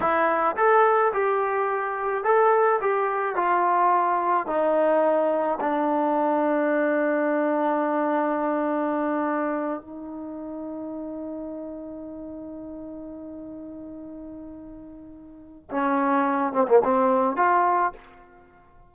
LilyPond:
\new Staff \with { instrumentName = "trombone" } { \time 4/4 \tempo 4 = 107 e'4 a'4 g'2 | a'4 g'4 f'2 | dis'2 d'2~ | d'1~ |
d'4. dis'2~ dis'8~ | dis'1~ | dis'1 | cis'4. c'16 ais16 c'4 f'4 | }